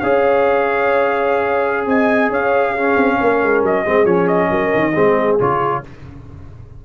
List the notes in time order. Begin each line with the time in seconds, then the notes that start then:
0.00 C#4 G#4 C#5 F5
1.86 C4 D#5 G#5
2.30 C#4 C#5 F5
2.72 C#4 G#4
2.96 C4
3.20 A#3 A#4
3.43 G#3
3.62 F#3 D#5
3.84 G#3 C4 G#4
4.04 F3 C#4 C#5
4.28 D#5
4.50 F#3 A#4
4.74 D#3
4.93 G#3 C4 G#4
5.39 C#3 F4 C#5